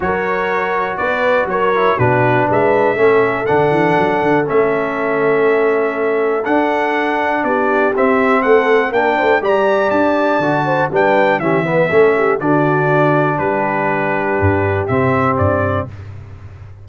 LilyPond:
<<
  \new Staff \with { instrumentName = "trumpet" } { \time 4/4 \tempo 4 = 121 cis''2 d''4 cis''4 | b'4 e''2 fis''4~ | fis''4 e''2.~ | e''4 fis''2 d''4 |
e''4 fis''4 g''4 ais''4 | a''2 g''4 e''4~ | e''4 d''2 b'4~ | b'2 e''4 d''4 | }
  \new Staff \with { instrumentName = "horn" } { \time 4/4 ais'2 b'4 ais'4 | fis'4 b'4 a'2~ | a'1~ | a'2. g'4~ |
g'4 a'4 ais'8 c''8 d''4~ | d''4. c''8 b'4 g'8 b'8 | a'8 g'8 fis'2 g'4~ | g'1 | }
  \new Staff \with { instrumentName = "trombone" } { \time 4/4 fis'2.~ fis'8 e'8 | d'2 cis'4 d'4~ | d'4 cis'2.~ | cis'4 d'2. |
c'2 d'4 g'4~ | g'4 fis'4 d'4 cis'8 b8 | cis'4 d'2.~ | d'2 c'2 | }
  \new Staff \with { instrumentName = "tuba" } { \time 4/4 fis2 b4 fis4 | b,4 gis4 a4 d8 e8 | fis8 d8 a2.~ | a4 d'2 b4 |
c'4 a4 ais8 a8 g4 | d'4 d4 g4 e4 | a4 d2 g4~ | g4 g,4 c4 g,4 | }
>>